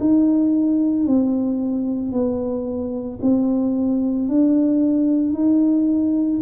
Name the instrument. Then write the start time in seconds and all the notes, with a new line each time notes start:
tuba
0.00 D#4
1.07 C4
2.12 B3
3.22 C4
4.29 D4
5.34 D#4